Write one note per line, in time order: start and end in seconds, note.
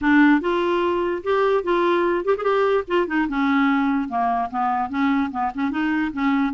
0.01 0.40 D4
0.40 1.22 F4
1.23 1.63 G4
1.63 2.24 F4
2.24 2.35 G4
2.37 2.83 G4
2.37 2.43 G#4
2.87 3.07 F4
3.07 3.27 D#4
3.28 4.08 C#4
4.08 4.49 A#3
4.50 4.89 B3
4.89 5.30 C#4
5.31 5.51 B3
5.54 5.70 C#4
5.70 6.11 D#4
6.12 6.53 C#4